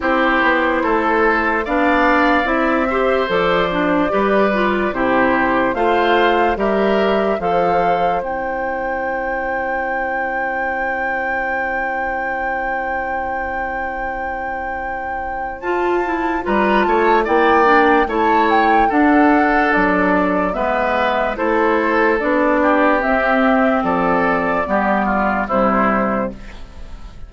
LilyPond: <<
  \new Staff \with { instrumentName = "flute" } { \time 4/4 \tempo 4 = 73 c''2 f''4 e''4 | d''2 c''4 f''4 | e''4 f''4 g''2~ | g''1~ |
g''2. a''4 | ais''8 a''8 g''4 a''8 g''8 fis''4 | d''4 e''4 c''4 d''4 | e''4 d''2 c''4 | }
  \new Staff \with { instrumentName = "oboe" } { \time 4/4 g'4 a'4 d''4. c''8~ | c''4 b'4 g'4 c''4 | ais'4 c''2.~ | c''1~ |
c''1 | b'8 cis''8 d''4 cis''4 a'4~ | a'4 b'4 a'4. g'8~ | g'4 a'4 g'8 f'8 e'4 | }
  \new Staff \with { instrumentName = "clarinet" } { \time 4/4 e'2 d'4 e'8 g'8 | a'8 d'8 g'8 f'8 e'4 f'4 | g'4 a'4 e'2~ | e'1~ |
e'2. f'8 e'8 | f'4 e'8 d'8 e'4 d'4~ | d'4 b4 e'4 d'4 | c'2 b4 g4 | }
  \new Staff \with { instrumentName = "bassoon" } { \time 4/4 c'8 b8 a4 b4 c'4 | f4 g4 c4 a4 | g4 f4 c'2~ | c'1~ |
c'2. f'4 | g8 a8 ais4 a4 d'4 | fis4 gis4 a4 b4 | c'4 f4 g4 c4 | }
>>